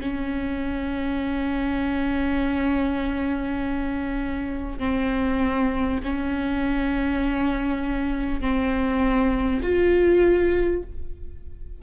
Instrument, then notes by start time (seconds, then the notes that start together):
viola
0.00 C#4
4.78 C4
6.03 C#4
8.40 C4
9.62 F4